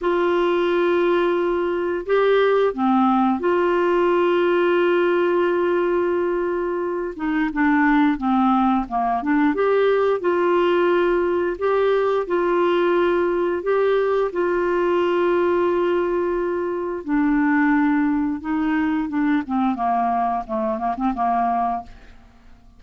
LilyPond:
\new Staff \with { instrumentName = "clarinet" } { \time 4/4 \tempo 4 = 88 f'2. g'4 | c'4 f'2.~ | f'2~ f'8 dis'8 d'4 | c'4 ais8 d'8 g'4 f'4~ |
f'4 g'4 f'2 | g'4 f'2.~ | f'4 d'2 dis'4 | d'8 c'8 ais4 a8 ais16 c'16 ais4 | }